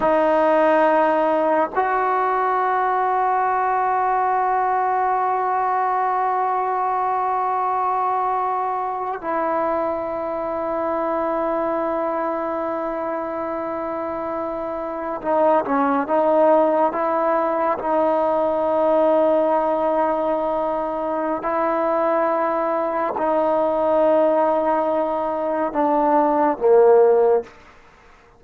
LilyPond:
\new Staff \with { instrumentName = "trombone" } { \time 4/4 \tempo 4 = 70 dis'2 fis'2~ | fis'1~ | fis'2~ fis'8. e'4~ e'16~ | e'1~ |
e'4.~ e'16 dis'8 cis'8 dis'4 e'16~ | e'8. dis'2.~ dis'16~ | dis'4 e'2 dis'4~ | dis'2 d'4 ais4 | }